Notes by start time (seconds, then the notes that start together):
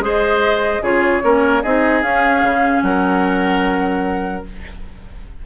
0.00 G#3 G#4 C5 D#5
0.82 C#3 F4 G#4 C#5
1.22 A#3 C#4 A#4
1.63 C4 D#4 G#4 D#5
2.03 C#4 F5
2.43 C#3
2.83 F#3 A#4 F#5